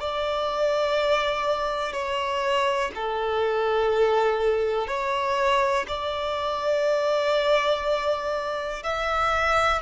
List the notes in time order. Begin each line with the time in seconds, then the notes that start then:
0.00 D5
1.93 C#5
2.95 A4
4.88 C#5
5.88 D5
8.83 E5